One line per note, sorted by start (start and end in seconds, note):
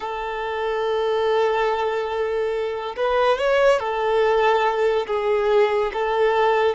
0.00 2.95 A4
2.96 3.38 B4
3.38 3.79 C#5
3.79 5.06 A4
5.07 5.91 G#4
5.93 6.75 A4